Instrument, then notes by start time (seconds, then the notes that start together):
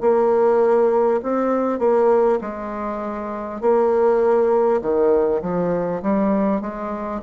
bassoon
0.00 A#3
1.22 C4
1.78 A#3
2.41 G#3
3.61 A#3
4.81 D#3
5.41 F3
6.02 G3
6.61 G#3